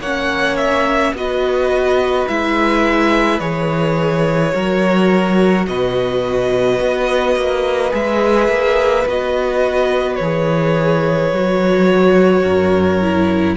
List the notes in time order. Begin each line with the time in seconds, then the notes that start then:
0.00 A#3 C#4 C#5 F#5
0.57 E5
1.13 B3 F#4 B4 D#5
2.28 G#3 E4 E5
3.39 E3 G#4 C#5
4.53 F#3 F#4 A#4
5.67 B2 B4 D#5
6.80 B3
7.36 A#3
7.90 G#3 G#4 E5
8.49 A#3
9.06 B3 F#4 D#5
10.16 E3 C#5
10.22 G#4
11.32 F#3 F#4
12.43 F#2 A#4
13.01 E4